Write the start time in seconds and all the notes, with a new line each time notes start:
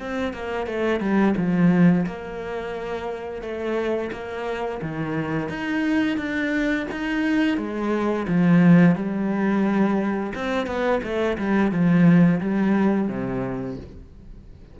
0.00 C4
0.34 A#3
0.67 A3
1.01 G3
1.37 F3
2.07 A#3
3.42 A3
4.13 A#3
4.82 D#3
5.49 D#4
6.18 D4
6.92 D#4
7.58 G#3
8.28 F3
8.96 G3
10.35 C4
10.67 B3
11.03 A3
11.38 G3
11.72 F3
12.41 G3
13.08 C3